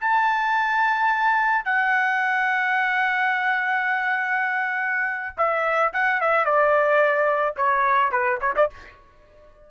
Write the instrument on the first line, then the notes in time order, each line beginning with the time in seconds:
trumpet
0.00 A5
1.64 F#5
5.37 E5
5.93 F#5
6.21 E5
6.45 D5
7.56 C#5
8.11 B4
8.40 C#5
8.56 D5